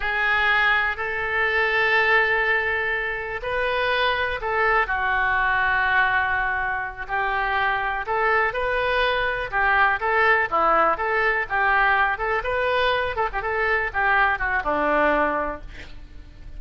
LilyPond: \new Staff \with { instrumentName = "oboe" } { \time 4/4 \tempo 4 = 123 gis'2 a'2~ | a'2. b'4~ | b'4 a'4 fis'2~ | fis'2~ fis'8 g'4.~ |
g'8 a'4 b'2 g'8~ | g'8 a'4 e'4 a'4 g'8~ | g'4 a'8 b'4. a'16 g'16 a'8~ | a'8 g'4 fis'8 d'2 | }